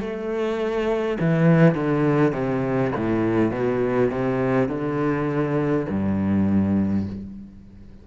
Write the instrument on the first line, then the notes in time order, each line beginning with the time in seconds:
cello
0.00 A3
1.20 E3
1.74 D3
2.32 C3
2.96 A2
3.51 B2
4.11 C3
4.68 D3
5.89 G2